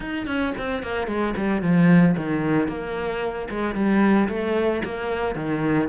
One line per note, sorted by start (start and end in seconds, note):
0.00 0.26 D#4
0.26 0.53 C#4
0.58 0.83 C4
0.83 1.07 A#3
1.07 1.34 G#3
1.36 1.62 G3
1.62 2.15 F3
2.16 2.68 D#3
2.68 3.48 A#3
3.50 3.74 G#3
3.74 4.28 G3
4.29 4.82 A3
4.84 5.35 A#3
5.35 5.89 D#3